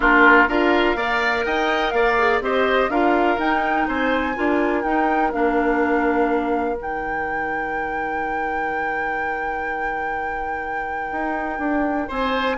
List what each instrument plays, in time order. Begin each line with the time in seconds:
0.00 bassoon A#3, clarinet D4, oboe F4, flute A#4
0.48 bassoon D4, clarinet F4, oboe A#4, flute F5
0.95 bassoon A#3, clarinet A#4, oboe D5
1.45 bassoon D#4, oboe D#5, flute G5
1.91 bassoon A#3, oboe D5, flute F5
2.18 clarinet G#4
2.40 bassoon C4, clarinet G4, oboe C5, flute D#5
2.89 bassoon D4, clarinet F4, oboe A#4, flute F5
3.38 clarinet D#4, bassoon D#4, flute G5
3.87 bassoon C4, oboe C5, flute G#5
4.35 bassoon D4, clarinet F4, oboe A#4
4.83 bassoon D#4, clarinet D#4, flute G5
5.32 bassoon A#3, clarinet D4, flute F5
6.76 bassoon D#3, clarinet D#4, flute G5
11.11 bassoon D#4
11.58 bassoon D4
12.08 bassoon C4, oboe C5, flute G#5